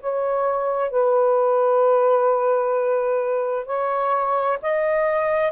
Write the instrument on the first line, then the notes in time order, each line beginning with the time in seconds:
saxophone
0.00 C#5
0.90 B4
3.66 C#5
4.62 D#5